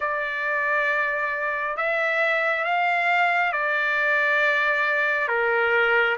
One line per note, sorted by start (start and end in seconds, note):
0.00 1.76 D5
1.76 2.64 E5
2.64 3.52 F5
3.52 5.27 D5
5.27 6.16 A#4